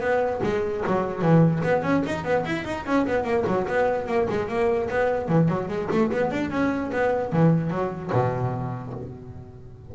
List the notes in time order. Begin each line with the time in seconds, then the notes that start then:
0.00 B3
0.43 G#3
0.86 F#3
1.21 E3
1.63 B3
1.83 C#4
2.05 D#4
2.24 B3
2.45 E4
2.65 D#4
2.86 C#4
3.06 B3
3.24 A#3
3.47 F#3
3.67 B3
4.07 A#3
4.29 G#3
4.48 A#3
4.90 B3
5.28 E3
5.48 F#3
5.68 G#3
5.91 A3
6.11 B3
6.31 D4
6.50 C#4
6.92 B3
7.32 E3
7.70 F#3
8.12 B2